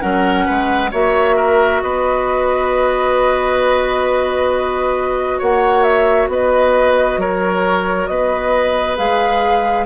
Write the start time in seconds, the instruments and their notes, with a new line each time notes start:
0.00 bassoon F#3, clarinet C#4, oboe A#4, flute F#5
0.45 bassoon G#3, oboe B4
0.91 bassoon A#3, clarinet F#4, oboe C#5, flute E5
1.36 oboe A#4
1.82 bassoon B3, oboe B4, flute D#5
5.38 bassoon A#3, oboe C#5, flute F#5
5.83 flute E5
6.28 bassoon B3, oboe B4, flute D#5
7.17 bassoon F#3, oboe A#4, flute C#5
8.06 bassoon B3, oboe B4, flute D#5
8.97 bassoon G#3, clarinet G#4, flute F5